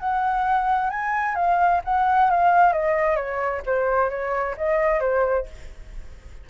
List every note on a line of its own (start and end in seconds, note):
0.00 0.90 F#5
0.90 1.36 G#5
1.36 1.81 F5
1.85 2.30 F#5
2.30 2.73 F5
2.73 3.16 D#5
3.16 3.62 C#5
3.66 4.10 C5
4.10 4.56 C#5
4.58 5.00 D#5
5.00 5.46 C5